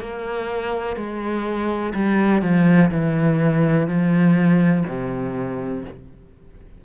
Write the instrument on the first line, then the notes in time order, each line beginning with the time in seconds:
cello
0.00 A#3
0.96 G#3
1.94 G3
2.42 F3
2.91 E3
3.88 F3
4.88 C3